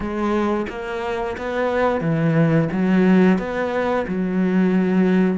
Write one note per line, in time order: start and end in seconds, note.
0.00 0.66 G#3
0.69 1.36 A#3
1.37 2.00 B3
2.00 2.68 E3
2.72 3.38 F#3
3.38 4.05 B3
4.07 5.37 F#3